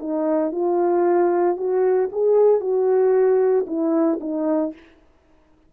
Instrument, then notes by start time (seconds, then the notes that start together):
horn
0.00 D#4
0.51 F4
1.57 F#4
2.12 G#4
2.60 F#4
3.67 E4
4.20 D#4